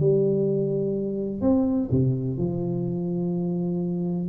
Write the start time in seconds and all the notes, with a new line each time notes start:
0.00 G3
1.42 C4
1.91 C3
2.38 F3